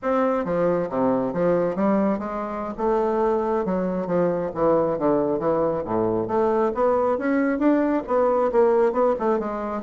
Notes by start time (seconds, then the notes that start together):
0.02 C4
0.45 F3
0.89 C3
1.33 F3
1.75 G3
2.18 G#3
2.77 A3
3.65 F#3
4.06 F3
4.54 E3
4.98 D3
5.39 E3
5.85 A2
6.27 A3
6.74 B3
7.18 C#4
7.58 D4
8.07 B3
8.52 A#3
8.92 B3
9.19 A3
9.39 G#3